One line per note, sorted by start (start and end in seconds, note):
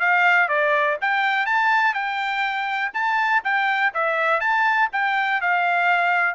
0.00 0.48 F5
0.48 0.97 D5
1.01 1.46 G5
1.46 1.94 A5
1.94 2.92 G5
2.94 3.43 A5
3.44 3.93 G5
3.94 4.40 E5
4.40 4.89 A5
4.92 5.41 G5
5.41 6.35 F5